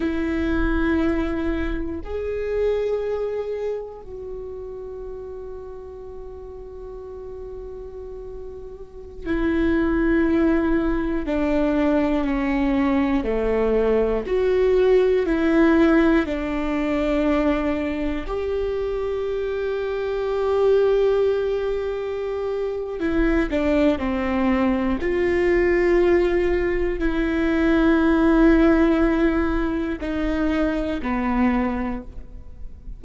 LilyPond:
\new Staff \with { instrumentName = "viola" } { \time 4/4 \tempo 4 = 60 e'2 gis'2 | fis'1~ | fis'4~ fis'16 e'2 d'8.~ | d'16 cis'4 a4 fis'4 e'8.~ |
e'16 d'2 g'4.~ g'16~ | g'2. e'8 d'8 | c'4 f'2 e'4~ | e'2 dis'4 b4 | }